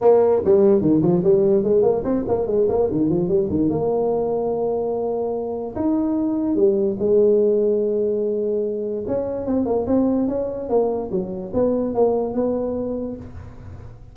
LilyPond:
\new Staff \with { instrumentName = "tuba" } { \time 4/4 \tempo 4 = 146 ais4 g4 dis8 f8 g4 | gis8 ais8 c'8 ais8 gis8 ais8 dis8 f8 | g8 dis8 ais2.~ | ais2 dis'2 |
g4 gis2.~ | gis2 cis'4 c'8 ais8 | c'4 cis'4 ais4 fis4 | b4 ais4 b2 | }